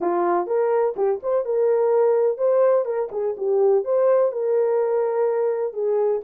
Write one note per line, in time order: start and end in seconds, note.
0.00 0.46 F4
0.46 0.94 A#4
0.96 1.20 G4
1.22 1.45 C5
1.45 2.37 A#4
2.37 2.85 C5
2.85 3.09 A#4
3.11 3.35 G#4
3.37 3.84 G4
3.84 4.32 C5
4.32 5.73 A#4
5.73 6.21 G#4